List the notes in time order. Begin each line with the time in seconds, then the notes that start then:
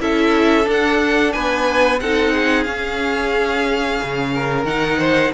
0.00 C#4 E4 A4 E5
0.64 D4 F#5
1.32 B3 B4 G#5
2.00 C4 D#4 A4 F#5
2.32 G#4
2.63 C#4 F5
4.02 C#3
4.34 A#4
4.64 D#3 D#4 F#5
4.98 C5